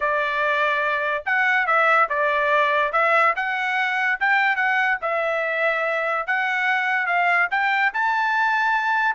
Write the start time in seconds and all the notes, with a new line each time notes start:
0.00 D5
1.25 F#5
1.66 E5
2.09 D5
2.92 E5
3.35 F#5
4.20 G5
4.56 F#5
5.01 E5
6.26 F#5
7.06 F5
7.50 G5
7.93 A5